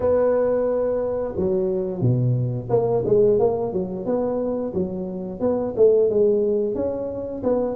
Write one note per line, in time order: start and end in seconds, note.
0.00 1.35 B3
1.36 2.01 F#3
2.01 2.68 B2
2.69 3.03 A#3
3.05 3.39 G#3
3.39 3.72 A#3
3.73 4.05 F#3
4.05 4.73 B3
4.73 5.40 F#3
5.40 5.73 B3
5.76 6.09 A3
6.09 6.74 G#3
6.74 7.42 C#4
7.43 7.75 B3